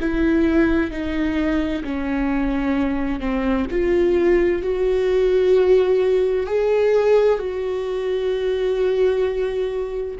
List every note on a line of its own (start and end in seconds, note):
0.00 0.91 E4
0.91 1.83 D#4
1.84 3.20 C#4
3.20 3.66 C4
3.71 4.62 F4
4.62 6.47 F#4
6.47 7.39 G#4
7.39 10.16 F#4